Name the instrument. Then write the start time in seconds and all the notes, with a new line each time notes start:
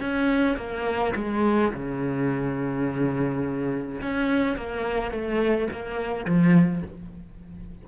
cello
0.00 C#4
0.57 A#3
1.15 G#3
1.73 C#3
4.02 C#4
4.57 A#3
5.11 A3
5.72 A#3
6.25 F3